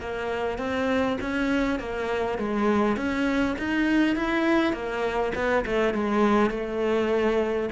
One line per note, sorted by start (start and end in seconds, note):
0.00 0.58 A#3
0.58 1.17 C4
1.21 1.79 C#4
1.79 2.38 A#3
2.38 2.96 G#3
2.96 3.56 C#4
3.59 4.16 D#4
4.16 4.73 E4
4.73 5.32 A#3
5.35 5.65 B3
5.66 5.94 A3
5.94 6.50 G#3
6.50 7.69 A3